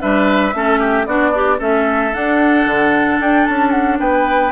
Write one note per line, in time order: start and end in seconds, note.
0.00 0.54 G3
0.00 0.53 D4
0.00 0.55 B4
0.00 1.06 E5
0.54 1.06 A3
0.54 1.07 C#4
0.54 0.79 A4
0.79 1.06 G4
1.06 1.59 B3
1.06 1.33 D4
1.06 1.30 F#4
1.06 1.59 D5
1.30 1.57 D4
1.30 1.59 G4
1.59 2.13 A3
1.59 2.12 C#4
1.59 3.98 A4
1.59 2.13 E5
2.12 4.51 D4
2.12 2.66 D4
2.12 3.20 F#5
2.66 3.19 D3
3.20 3.46 D4
3.20 3.46 G5
3.46 3.99 C#4
3.46 3.70 A5
3.70 3.97 F#5
3.99 4.52 B3
3.99 4.52 B4
3.99 4.52 G5